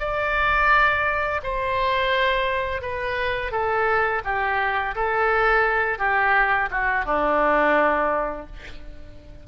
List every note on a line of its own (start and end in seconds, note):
0.00 1.41 D5
1.44 2.82 C5
2.82 3.52 B4
3.52 4.23 A4
4.25 4.95 G4
4.96 5.99 A4
5.99 6.70 G4
6.71 7.06 F#4
7.06 8.47 D4